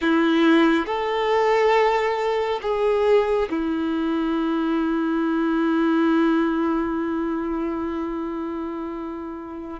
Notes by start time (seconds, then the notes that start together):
0.01 E4
0.86 A4
2.61 G#4
3.50 E4